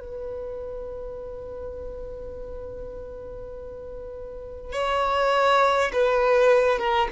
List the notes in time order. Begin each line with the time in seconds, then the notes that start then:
0.00 B4
4.73 C#5
5.92 B4
6.79 A#4